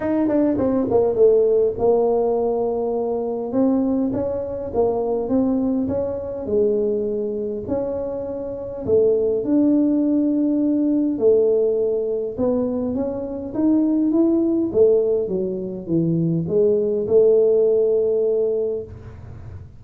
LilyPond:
\new Staff \with { instrumentName = "tuba" } { \time 4/4 \tempo 4 = 102 dis'8 d'8 c'8 ais8 a4 ais4~ | ais2 c'4 cis'4 | ais4 c'4 cis'4 gis4~ | gis4 cis'2 a4 |
d'2. a4~ | a4 b4 cis'4 dis'4 | e'4 a4 fis4 e4 | gis4 a2. | }